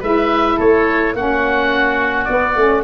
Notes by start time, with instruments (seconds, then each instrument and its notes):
0.00 tuba G#3, saxophone E4, oboe B4 E5
0.57 tuba A3, oboe A4 C#5
1.15 tuba A#3, saxophone C#4, oboe F#4 F#5
2.25 saxophone B3, tuba B3, oboe D5
2.56 tuba A3, saxophone C#4